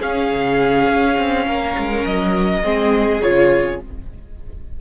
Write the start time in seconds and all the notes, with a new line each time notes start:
0.00 C#4 G#4 F5
0.32 C#3
0.89 C#4
1.18 C4
1.47 A#3 A#4
1.78 G#3
2.04 F#3 D#5
2.63 G#3 C4 G#4
3.22 C#3 F4 C#5